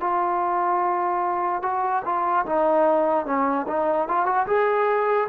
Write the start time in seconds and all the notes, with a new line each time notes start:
0.00 F4
1.62 F#4
2.05 F4
2.46 D#4
3.26 C#4
3.67 D#4
4.08 F4
4.26 F#4
4.47 G#4